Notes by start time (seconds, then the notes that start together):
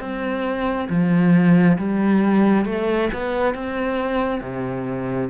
0.00 C4
0.89 F3
1.78 G3
2.65 A3
3.13 B3
3.54 C4
4.41 C3